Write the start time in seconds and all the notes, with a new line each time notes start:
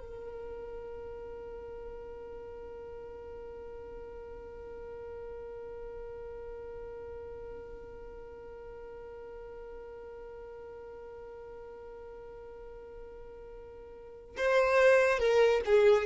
0.00 A#4
14.37 C5
15.19 A#4
15.65 G#4